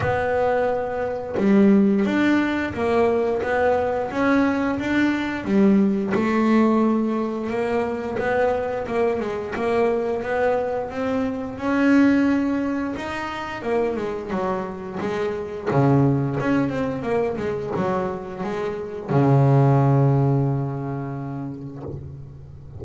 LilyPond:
\new Staff \with { instrumentName = "double bass" } { \time 4/4 \tempo 4 = 88 b2 g4 d'4 | ais4 b4 cis'4 d'4 | g4 a2 ais4 | b4 ais8 gis8 ais4 b4 |
c'4 cis'2 dis'4 | ais8 gis8 fis4 gis4 cis4 | cis'8 c'8 ais8 gis8 fis4 gis4 | cis1 | }